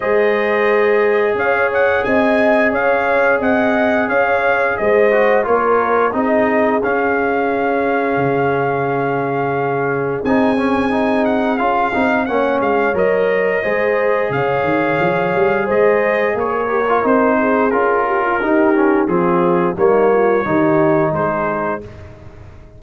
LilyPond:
<<
  \new Staff \with { instrumentName = "trumpet" } { \time 4/4 \tempo 4 = 88 dis''2 f''8 fis''8 gis''4 | f''4 fis''4 f''4 dis''4 | cis''4 dis''4 f''2~ | f''2. gis''4~ |
gis''8 fis''8 f''4 fis''8 f''8 dis''4~ | dis''4 f''2 dis''4 | cis''4 c''4 ais'2 | gis'4 cis''2 c''4 | }
  \new Staff \with { instrumentName = "horn" } { \time 4/4 c''2 cis''4 dis''4 | cis''4 dis''4 cis''4 c''4 | ais'4 gis'2.~ | gis'1~ |
gis'2 cis''2 | c''4 cis''2 c''4 | ais'4. gis'4 g'16 f'16 g'4 | f'4 dis'8 f'8 g'4 gis'4 | }
  \new Staff \with { instrumentName = "trombone" } { \time 4/4 gis'1~ | gis'2.~ gis'8 fis'8 | f'4 dis'4 cis'2~ | cis'2. dis'8 cis'8 |
dis'4 f'8 dis'8 cis'4 ais'4 | gis'1~ | gis'8 g'16 f'16 dis'4 f'4 dis'8 cis'8 | c'4 ais4 dis'2 | }
  \new Staff \with { instrumentName = "tuba" } { \time 4/4 gis2 cis'4 c'4 | cis'4 c'4 cis'4 gis4 | ais4 c'4 cis'2 | cis2. c'4~ |
c'4 cis'8 c'8 ais8 gis8 fis4 | gis4 cis8 dis8 f8 g8 gis4 | ais4 c'4 cis'4 dis'4 | f4 g4 dis4 gis4 | }
>>